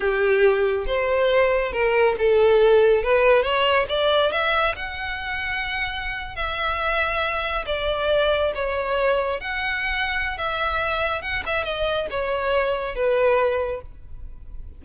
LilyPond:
\new Staff \with { instrumentName = "violin" } { \time 4/4 \tempo 4 = 139 g'2 c''2 | ais'4 a'2 b'4 | cis''4 d''4 e''4 fis''4~ | fis''2~ fis''8. e''4~ e''16~ |
e''4.~ e''16 d''2 cis''16~ | cis''4.~ cis''16 fis''2~ fis''16 | e''2 fis''8 e''8 dis''4 | cis''2 b'2 | }